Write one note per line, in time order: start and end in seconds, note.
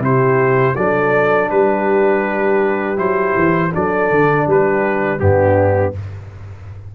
0.00 0.74 C3
0.00 0.76 E4
0.00 0.75 G4
0.00 0.76 C5
0.76 1.51 F#3
0.76 2.97 D4
0.76 1.50 A4
0.76 1.50 D5
1.50 2.99 G3
1.50 3.74 G4
1.50 2.98 B4
2.97 3.36 F#3
2.97 3.71 E4
2.97 3.73 C5
3.36 3.73 E3
3.72 4.11 F#3
3.72 5.19 D4
3.72 4.47 A4
3.72 4.49 D5
4.11 4.47 D3
4.47 5.21 G3
4.47 5.21 G4
4.47 5.20 B4
5.19 5.95 G2
5.19 5.93 B3
5.19 5.95 D4
5.19 5.94 G4